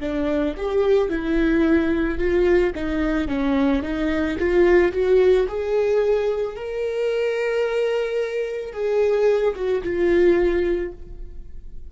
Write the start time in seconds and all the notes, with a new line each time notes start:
0.00 D4
0.57 G4
1.10 E4
2.19 F4
2.75 D#4
3.28 C#4
3.83 D#4
4.39 F4
4.92 F#4
5.48 G#4
6.56 A#4
8.73 G#4
9.55 F#4
9.83 F4